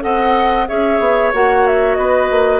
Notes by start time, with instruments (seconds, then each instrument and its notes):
0.00 bassoon C4, clarinet A4, oboe D#5, flute F#5
0.68 bassoon C#4, clarinet G#4, oboe C#5, flute E5
0.99 bassoon B3
1.33 bassoon A#3, clarinet F#4, flute F#5
1.66 flute E5
1.95 bassoon B3, oboe B4, flute D#5
2.30 bassoon A#3